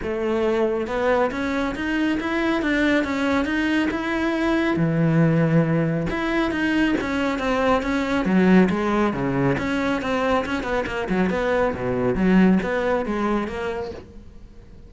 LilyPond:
\new Staff \with { instrumentName = "cello" } { \time 4/4 \tempo 4 = 138 a2 b4 cis'4 | dis'4 e'4 d'4 cis'4 | dis'4 e'2 e4~ | e2 e'4 dis'4 |
cis'4 c'4 cis'4 fis4 | gis4 cis4 cis'4 c'4 | cis'8 b8 ais8 fis8 b4 b,4 | fis4 b4 gis4 ais4 | }